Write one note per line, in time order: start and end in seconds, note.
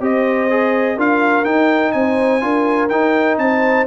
0.00 0.97 C4
0.00 0.49 G4
0.00 0.95 C5
0.00 0.99 D#5
0.50 0.97 G#4
0.95 1.44 D4
0.95 1.44 F4
0.95 1.92 A#4
0.95 1.44 F5
1.44 2.40 D#4
1.44 1.93 D#4
1.44 1.91 G5
1.91 2.42 C4
1.91 2.43 C5
1.91 2.88 G#5
2.40 2.90 D4
2.40 2.89 F4
2.40 3.40 A#4
2.89 3.37 D#4
2.89 3.87 D#4
2.89 3.37 G5
3.37 3.86 C4
3.37 3.87 C5
3.37 3.86 A5